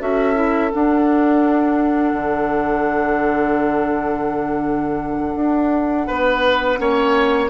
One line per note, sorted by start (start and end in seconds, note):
0.00 0.72 C#4
0.00 0.35 F#4
0.00 6.08 A4
0.00 0.71 E5
0.35 0.71 E4
0.71 6.78 D4
0.71 2.14 D4
0.71 7.50 F#5
2.14 5.35 D3
5.36 6.07 D4
6.08 6.80 B3
6.08 6.79 B4
6.78 7.50 A#3
6.78 7.50 C#4
6.78 7.50 C#5